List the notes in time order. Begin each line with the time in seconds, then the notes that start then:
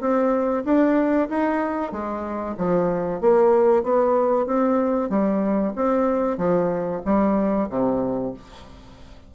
0.00 C4
0.65 D4
1.29 D#4
1.91 G#3
2.57 F3
3.21 A#3
3.83 B3
4.46 C4
5.09 G3
5.75 C4
6.37 F3
7.05 G3
7.69 C3